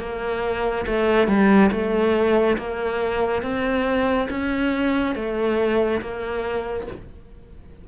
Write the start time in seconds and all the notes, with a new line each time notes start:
0.00 A#3
0.87 A3
1.28 G3
1.72 A3
2.58 A#3
3.43 C4
4.31 C#4
5.16 A3
6.02 A#3